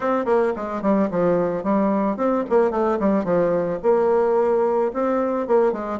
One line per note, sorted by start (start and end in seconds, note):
0.00 0.25 C4
0.25 0.52 A#3
0.56 0.82 G#3
0.82 1.09 G3
1.11 1.63 F3
1.63 2.16 G3
2.16 2.44 C4
2.49 2.70 A#3
2.70 2.98 A3
2.99 3.24 G3
3.24 3.79 F3
3.83 4.92 A#3
4.93 5.47 C4
5.47 5.72 A#3
5.72 5.99 G#3